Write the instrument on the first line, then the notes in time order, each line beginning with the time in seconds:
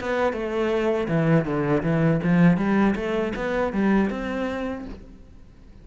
cello
0.00 B3
0.32 A3
1.08 E3
1.45 D3
1.83 E3
2.23 F3
2.57 G3
2.95 A3
3.35 B3
3.73 G3
4.10 C4